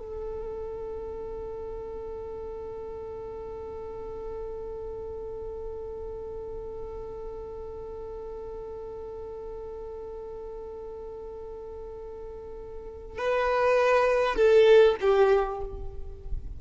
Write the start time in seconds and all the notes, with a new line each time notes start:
0.00 A4
13.18 B4
14.36 A4
15.01 G4